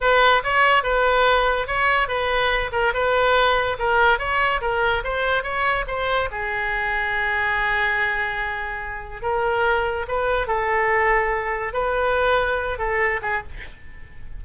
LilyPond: \new Staff \with { instrumentName = "oboe" } { \time 4/4 \tempo 4 = 143 b'4 cis''4 b'2 | cis''4 b'4. ais'8 b'4~ | b'4 ais'4 cis''4 ais'4 | c''4 cis''4 c''4 gis'4~ |
gis'1~ | gis'2 ais'2 | b'4 a'2. | b'2~ b'8 a'4 gis'8 | }